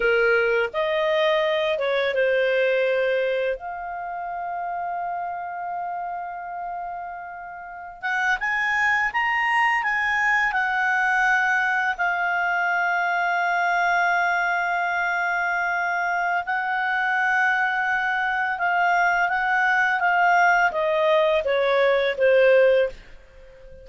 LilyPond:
\new Staff \with { instrumentName = "clarinet" } { \time 4/4 \tempo 4 = 84 ais'4 dis''4. cis''8 c''4~ | c''4 f''2.~ | f''2.~ f''16 fis''8 gis''16~ | gis''8. ais''4 gis''4 fis''4~ fis''16~ |
fis''8. f''2.~ f''16~ | f''2. fis''4~ | fis''2 f''4 fis''4 | f''4 dis''4 cis''4 c''4 | }